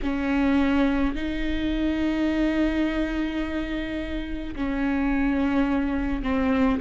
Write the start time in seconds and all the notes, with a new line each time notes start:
0.02 C#4
1.15 D#4
4.55 C#4
6.23 C4